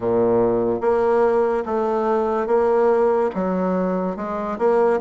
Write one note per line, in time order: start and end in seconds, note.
0.00 0.80 A#2
0.80 1.64 A#3
1.65 2.46 A3
2.46 3.30 A#3
3.34 4.16 F#3
4.16 4.58 G#3
4.58 5.00 A#3